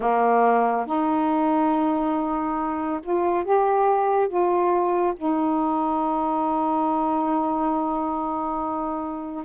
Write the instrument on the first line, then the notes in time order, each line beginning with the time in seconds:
saxophone
0.00 A#3
0.86 D#4
3.02 F4
3.44 G4
4.28 F4
5.16 D#4